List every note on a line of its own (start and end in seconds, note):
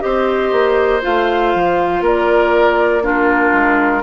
0.00 0.52 C4
0.00 1.00 G4
0.00 2.02 C5
0.00 1.01 D#5
0.52 1.02 A#3
1.02 1.54 A3
1.02 3.02 F4
1.02 2.04 F5
1.54 2.01 F3
2.01 3.51 A#3
2.01 3.02 A#4
2.01 3.04 D5
3.02 4.02 D4
3.02 4.02 F4
3.02 4.02 A#4
3.52 4.02 G#3